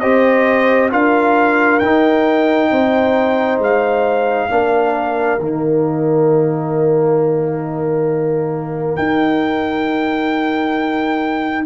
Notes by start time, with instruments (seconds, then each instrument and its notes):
0.00 tuba C4, trombone G4, horn C5, trumpet D#5
0.91 tuba D4, trombone F4, horn A#4, trumpet F5
1.79 tuba D#4, trombone D#4, trumpet G5
2.71 tuba C4, horn C5
3.58 tuba G#3, trumpet F5
4.50 tuba A#3, trombone D4, horn A#4
5.39 tuba D#3, trombone A#3, trumpet D#5
8.96 tuba D#4, trombone D#4, trumpet G5